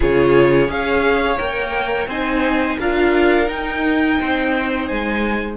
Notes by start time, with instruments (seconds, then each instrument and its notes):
0.00 cello C#3, viola F4, violin G#4 C#5
0.67 cello C#4, viola G#4, violin C#5 F5
1.37 cello A#3, viola A#4, violin G5
2.07 cello C4, viola D#4, violin C5 G#5
2.79 cello D4, viola F4, violin A#4 F5
3.46 viola D#4, cello D#4, violin G5
4.19 cello C4, violin C5
4.87 cello G#3, violin G#5